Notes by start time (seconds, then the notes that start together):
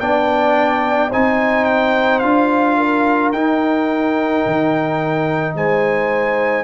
0.00 B3 D4 D5 G5
1.10 C4 D#4 C5 G#5
1.65 G5
2.19 D4 F4 F5
2.78 A#4
3.32 D#4 G5
4.46 D#3
5.55 G#3 C5 G#5